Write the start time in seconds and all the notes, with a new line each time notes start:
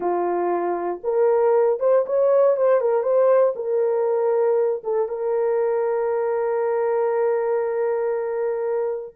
0.00 F4
1.03 A#4
1.79 C5
2.05 C#5
2.56 C5
2.80 A#4
3.02 C5
3.55 A#4
4.83 A4
5.08 A#4